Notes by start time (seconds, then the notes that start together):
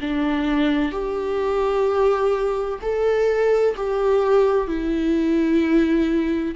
0.00 D4
0.92 G4
2.81 A4
3.76 G4
4.67 E4